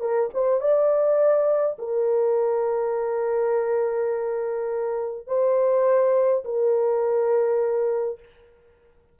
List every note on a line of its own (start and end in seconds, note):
0.00 0.29 A#4
0.33 0.60 C5
0.60 1.77 D5
1.78 5.27 A#4
5.27 6.43 C5
6.44 8.19 A#4